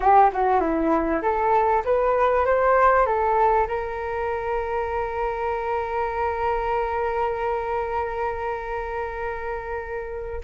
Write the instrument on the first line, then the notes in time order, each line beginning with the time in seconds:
flute
0.00 G4
0.33 F#4
0.60 E4
1.21 A4
1.85 B4
2.45 C5
3.06 A4
3.67 A#4